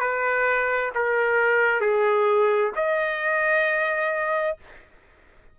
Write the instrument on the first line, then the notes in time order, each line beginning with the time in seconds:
trumpet
0.00 B4
0.95 A#4
1.81 G#4
2.76 D#5